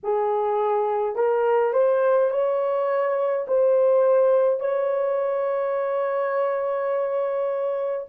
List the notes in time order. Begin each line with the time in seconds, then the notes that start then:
0.03 G#4
1.15 A#4
1.73 C5
2.30 C#5
3.47 C5
4.59 C#5